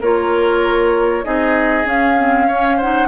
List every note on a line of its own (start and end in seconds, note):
0.00 1.24 A#3
0.00 1.23 F4
0.00 1.24 A#4
0.00 1.24 C#5
1.23 1.84 C4
1.23 1.84 D#4
1.23 2.47 G#4
1.23 1.86 D#5
1.84 2.15 C#4
1.84 3.08 C#4
1.84 2.80 F5
2.17 2.48 C4
2.47 2.79 C#4
2.47 2.77 C#5
2.77 3.08 D#4
2.77 3.07 C5
2.77 3.08 F#5